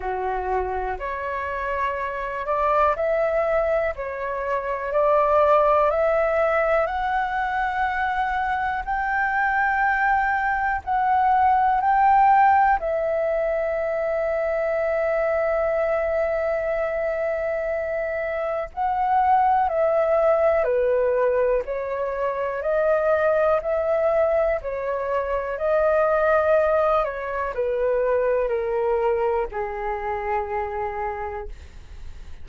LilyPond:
\new Staff \with { instrumentName = "flute" } { \time 4/4 \tempo 4 = 61 fis'4 cis''4. d''8 e''4 | cis''4 d''4 e''4 fis''4~ | fis''4 g''2 fis''4 | g''4 e''2.~ |
e''2. fis''4 | e''4 b'4 cis''4 dis''4 | e''4 cis''4 dis''4. cis''8 | b'4 ais'4 gis'2 | }